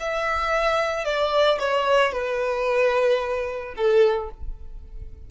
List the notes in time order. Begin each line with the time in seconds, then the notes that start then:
0.00 E5
1.05 D5
1.59 C#5
2.13 B4
3.76 A4